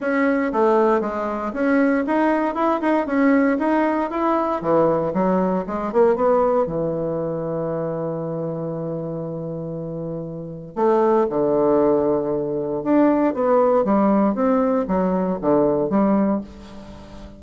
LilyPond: \new Staff \with { instrumentName = "bassoon" } { \time 4/4 \tempo 4 = 117 cis'4 a4 gis4 cis'4 | dis'4 e'8 dis'8 cis'4 dis'4 | e'4 e4 fis4 gis8 ais8 | b4 e2.~ |
e1~ | e4 a4 d2~ | d4 d'4 b4 g4 | c'4 fis4 d4 g4 | }